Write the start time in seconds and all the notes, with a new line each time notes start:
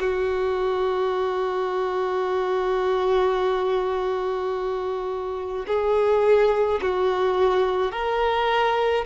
0.00 F#4
5.67 G#4
6.82 F#4
7.91 A#4